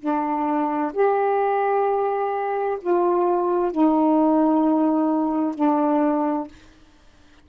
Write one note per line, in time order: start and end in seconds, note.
0.00 0.92 D4
0.94 2.78 G4
2.82 3.72 F4
3.72 5.56 D#4
5.56 6.48 D4